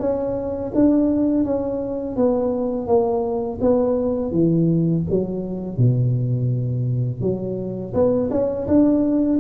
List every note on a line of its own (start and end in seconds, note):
0.00 0.72 C#4
0.75 1.45 D4
1.45 2.17 C#4
2.17 2.87 B3
2.87 3.59 A#3
3.61 4.32 B3
4.32 5.04 E3
5.10 5.78 F#3
5.78 7.22 B2
7.22 7.94 F#3
7.94 8.30 B3
8.31 8.67 C#4
8.67 9.40 D4